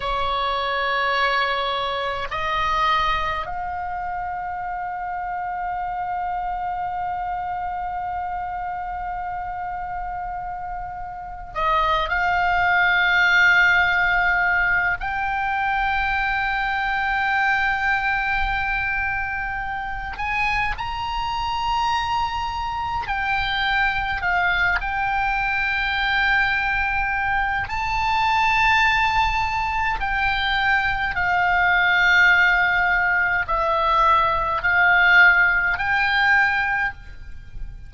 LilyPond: \new Staff \with { instrumentName = "oboe" } { \time 4/4 \tempo 4 = 52 cis''2 dis''4 f''4~ | f''1~ | f''2 dis''8 f''4.~ | f''4 g''2.~ |
g''4. gis''8 ais''2 | g''4 f''8 g''2~ g''8 | a''2 g''4 f''4~ | f''4 e''4 f''4 g''4 | }